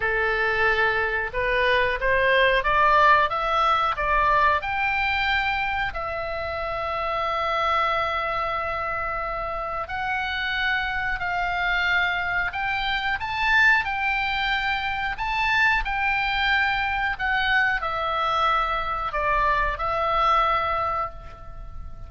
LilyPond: \new Staff \with { instrumentName = "oboe" } { \time 4/4 \tempo 4 = 91 a'2 b'4 c''4 | d''4 e''4 d''4 g''4~ | g''4 e''2.~ | e''2. fis''4~ |
fis''4 f''2 g''4 | a''4 g''2 a''4 | g''2 fis''4 e''4~ | e''4 d''4 e''2 | }